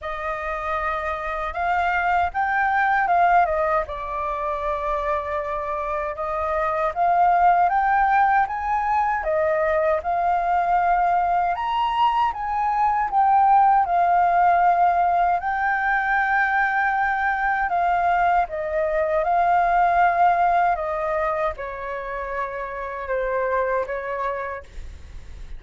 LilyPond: \new Staff \with { instrumentName = "flute" } { \time 4/4 \tempo 4 = 78 dis''2 f''4 g''4 | f''8 dis''8 d''2. | dis''4 f''4 g''4 gis''4 | dis''4 f''2 ais''4 |
gis''4 g''4 f''2 | g''2. f''4 | dis''4 f''2 dis''4 | cis''2 c''4 cis''4 | }